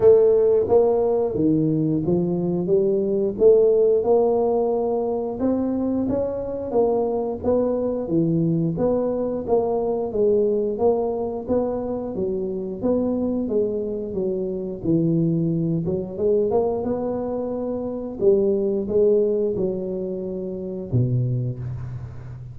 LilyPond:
\new Staff \with { instrumentName = "tuba" } { \time 4/4 \tempo 4 = 89 a4 ais4 dis4 f4 | g4 a4 ais2 | c'4 cis'4 ais4 b4 | e4 b4 ais4 gis4 |
ais4 b4 fis4 b4 | gis4 fis4 e4. fis8 | gis8 ais8 b2 g4 | gis4 fis2 b,4 | }